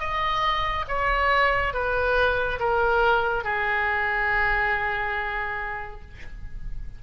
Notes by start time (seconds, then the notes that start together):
0.00 D#5
0.88 C#5
1.74 B4
2.60 A#4
3.44 G#4